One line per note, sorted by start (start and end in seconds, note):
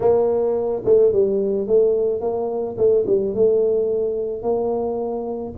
0.00 0.82 A#3
0.84 1.12 A3
1.12 1.67 G3
1.67 2.20 A3
2.20 2.76 A#3
2.77 3.05 A3
3.07 3.34 G3
3.34 4.42 A3
4.42 5.53 A#3